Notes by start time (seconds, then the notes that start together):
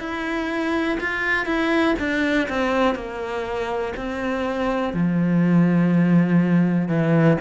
0.00 E4
1.00 F4
1.46 E4
1.99 D4
2.49 C4
2.95 A#3
3.97 C4
4.94 F3
6.88 E3